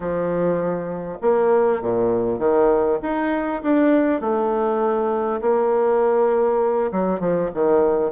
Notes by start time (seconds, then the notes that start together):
0.00 F3
1.21 A#3
1.81 A#2
2.38 D#3
3.02 D#4
3.62 D4
4.20 A3
5.41 A#3
6.91 F#3
7.20 F3
7.54 D#3